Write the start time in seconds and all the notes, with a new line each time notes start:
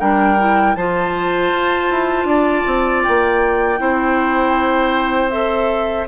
0.00 G3 D4 A#4 G5
0.39 E4
0.75 F3 F4 C5 A5
1.51 F4
1.90 E4
2.24 D4 D5
2.66 C4
3.03 A#3 G5
3.78 C4 E4 C5
5.31 A4 E5